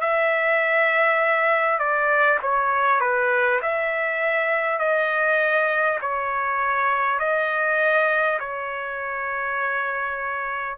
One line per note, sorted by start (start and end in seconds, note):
0.00 1.78 E5
1.78 2.38 D5
2.42 3.00 C#5
3.00 3.60 B4
3.62 4.78 E5
4.78 5.98 D#5
6.01 7.19 C#5
7.19 8.39 D#5
8.39 10.77 C#5